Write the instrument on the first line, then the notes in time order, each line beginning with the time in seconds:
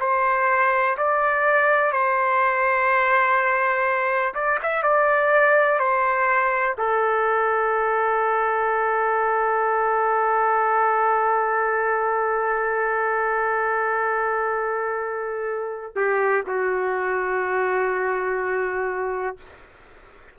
trumpet
0.00 C5
0.97 D5
1.92 C5
4.35 D5
4.63 E5
4.83 D5
5.79 C5
6.78 A4
15.95 G4
16.46 F#4